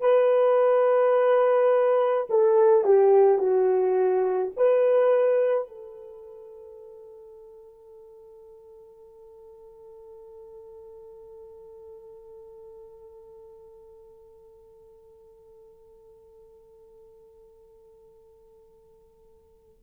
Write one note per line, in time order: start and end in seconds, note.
0.00 2.26 B4
2.29 2.84 A4
2.84 3.38 G4
3.38 4.51 F#4
4.56 5.68 B4
5.68 19.83 A4